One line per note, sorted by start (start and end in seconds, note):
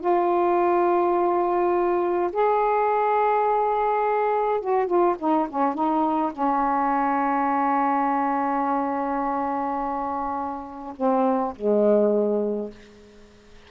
0.00 2.31 F4
2.32 4.60 G#4
4.60 4.87 F#4
4.87 5.16 F4
5.19 5.48 D#4
5.49 5.74 C#4
5.74 6.32 D#4
6.32 10.94 C#4
10.96 11.54 C4
11.55 12.71 G#3